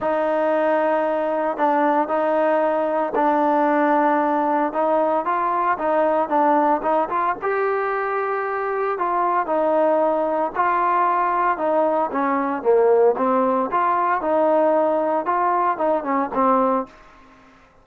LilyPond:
\new Staff \with { instrumentName = "trombone" } { \time 4/4 \tempo 4 = 114 dis'2. d'4 | dis'2 d'2~ | d'4 dis'4 f'4 dis'4 | d'4 dis'8 f'8 g'2~ |
g'4 f'4 dis'2 | f'2 dis'4 cis'4 | ais4 c'4 f'4 dis'4~ | dis'4 f'4 dis'8 cis'8 c'4 | }